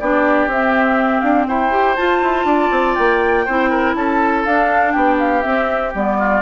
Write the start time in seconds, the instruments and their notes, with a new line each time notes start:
0.00 bassoon B3, clarinet D4, oboe G4, flute D5
0.48 bassoon C4, clarinet C4, flute E5
1.21 bassoon D4, flute F5
1.48 bassoon E4, oboe C5, flute G5
1.71 clarinet G4
1.96 clarinet F4, bassoon F4, flute A5
2.23 bassoon E4
2.45 bassoon D4, oboe D5
2.71 bassoon C4
2.96 bassoon A#3, flute G5
3.46 bassoon C4, clarinet E4, oboe C5
3.70 oboe A#4
3.95 bassoon C#4, oboe A4, flute A5
4.45 bassoon D4, clarinet D4, flute F5
4.92 bassoon B3, oboe G4, flute G5
5.19 flute F5
5.43 clarinet C4, bassoon C4, flute E5
5.95 bassoon G3, clarinet B3, flute D5
6.19 oboe F4